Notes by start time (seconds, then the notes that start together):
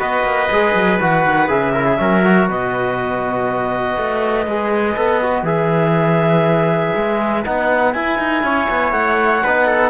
0.00 B3 F#4 B4 D#5
0.24 A#3
0.52 G#3 G#4
0.75 F#3
1.01 E3 F#4 F#5
1.26 D#3
1.48 C#3 G#4 E5
1.74 E4 A#4
1.86 G#4
1.98 F#3 C#4 A#4
2.25 F#4
2.49 B2 B4 D#5
3.98 A3
4.47 G#3 G#4
4.97 B3 A4
5.23 F#4
5.43 E3 G#4 E5
6.96 G#3
7.45 B3 D#4 F#5
7.93 E4 G#5
8.19 D#4
8.44 C#4 C#5
8.70 B3
8.92 A3 F#5
9.44 B3 D#4 B4
9.67 A4